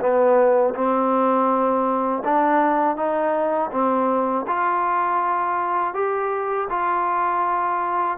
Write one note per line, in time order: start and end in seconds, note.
0.00 0.74 B3
0.75 2.23 C4
2.24 2.97 D4
2.97 3.71 D#4
3.72 4.46 C4
4.47 5.94 F4
5.94 6.68 G4
6.70 8.18 F4